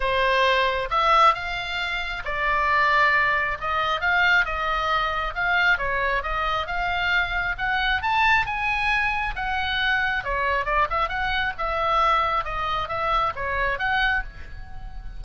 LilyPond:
\new Staff \with { instrumentName = "oboe" } { \time 4/4 \tempo 4 = 135 c''2 e''4 f''4~ | f''4 d''2. | dis''4 f''4 dis''2 | f''4 cis''4 dis''4 f''4~ |
f''4 fis''4 a''4 gis''4~ | gis''4 fis''2 cis''4 | d''8 e''8 fis''4 e''2 | dis''4 e''4 cis''4 fis''4 | }